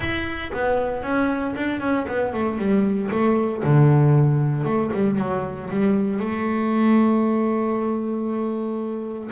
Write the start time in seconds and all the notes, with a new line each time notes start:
0.00 E4
0.52 B3
1.02 C#4
1.55 D4
1.80 C#4
2.07 B3
2.33 A3
2.57 G3
3.11 A3
3.63 D3
4.64 A3
4.93 G3
5.17 F#3
5.69 G3
6.19 A3